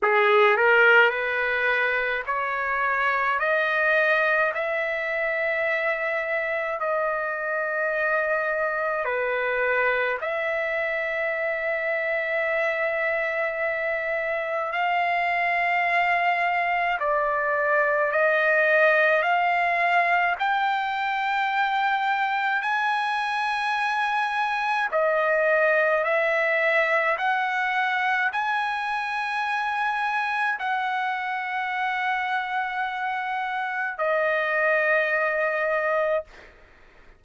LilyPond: \new Staff \with { instrumentName = "trumpet" } { \time 4/4 \tempo 4 = 53 gis'8 ais'8 b'4 cis''4 dis''4 | e''2 dis''2 | b'4 e''2.~ | e''4 f''2 d''4 |
dis''4 f''4 g''2 | gis''2 dis''4 e''4 | fis''4 gis''2 fis''4~ | fis''2 dis''2 | }